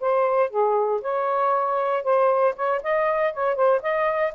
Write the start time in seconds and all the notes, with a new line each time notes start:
0.00 C5
0.49 G#4
1.01 C#5
2.03 C5
2.55 C#5
2.83 D#5
3.33 C#5
3.55 C5
3.82 D#5